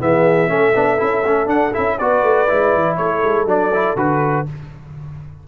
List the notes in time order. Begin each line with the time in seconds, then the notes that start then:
0.00 E3 B3 G#4 E5
0.48 A3 C#4 A4
0.75 B3 D4
0.98 C#4 E4
1.26 A3 C#4
1.46 D4 F#5
1.74 C#4 E4 E5
1.98 B3 F#4 B4 D5
2.23 A3
2.48 G#3 E4
2.74 E3
2.97 A3 A4 C#5
3.24 G#3
3.45 F#3 D4 D5
3.74 E4
3.96 D3 F#4 B4